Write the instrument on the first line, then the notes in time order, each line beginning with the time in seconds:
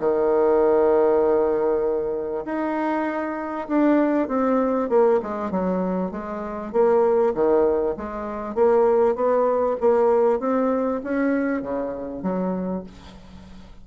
bassoon
0.00 D#3
2.45 D#4
3.68 D4
4.29 C4
4.90 A#3
5.23 G#3
5.51 F#3
6.11 G#3
6.73 A#3
7.35 D#3
7.97 G#3
8.55 A#3
9.16 B3
9.81 A#3
10.40 C4
11.04 C#4
11.62 C#3
12.23 F#3